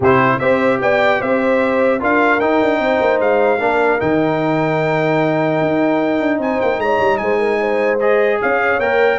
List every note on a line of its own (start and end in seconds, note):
0.00 0.39 C3
0.00 0.40 E4
0.00 0.39 G4
0.00 0.39 C5
0.39 0.80 C4
0.39 2.00 G4
0.39 0.80 C5
0.39 0.79 E5
0.80 1.20 B3
0.80 1.19 D5
0.80 1.21 G5
1.19 2.01 C4
1.19 1.99 C5
1.19 2.01 E5
1.99 2.41 D4
1.99 2.40 F4
1.99 2.79 A#4
1.99 2.40 F5
2.40 2.60 D#4
2.40 3.59 D#4
2.40 3.20 G5
2.61 2.79 D4
2.79 2.99 C4
2.79 3.61 C5
3.01 3.20 A#3
3.20 3.59 G#3
3.20 4.00 F5
3.59 3.99 A#3
3.59 3.99 D4
3.59 6.41 A#4
3.99 5.61 D#3
3.99 7.99 D#4
3.99 6.40 G5
5.61 6.20 D#4
6.20 6.38 D4
6.38 6.58 C4
6.38 6.81 C5
6.38 6.60 G#5
6.60 6.77 A#3
6.60 6.80 G5
6.77 6.97 G#3
6.77 7.21 C#5
6.77 7.17 A#5
7.00 7.20 G3
7.17 8.40 G#3
7.17 7.38 C5
7.17 7.97 G#5
7.38 7.58 A#4
7.60 8.40 C5
7.99 8.80 G#4
7.99 8.39 D#5
8.41 8.79 C#4
8.41 9.19 C#5
8.41 8.80 F5
8.79 9.19 A#3
8.79 9.19 A#4
8.79 9.19 G5